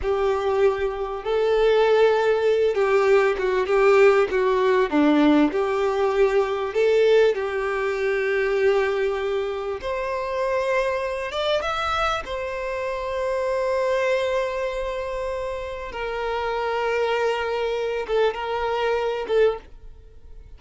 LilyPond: \new Staff \with { instrumentName = "violin" } { \time 4/4 \tempo 4 = 98 g'2 a'2~ | a'8 g'4 fis'8 g'4 fis'4 | d'4 g'2 a'4 | g'1 |
c''2~ c''8 d''8 e''4 | c''1~ | c''2 ais'2~ | ais'4. a'8 ais'4. a'8 | }